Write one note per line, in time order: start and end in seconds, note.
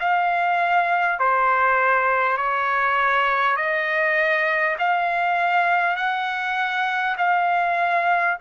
0.00 1.19 F5
1.19 2.37 C5
2.37 3.56 C#5
3.56 4.76 D#5
4.78 5.96 F5
5.96 7.16 F#5
7.17 8.37 F5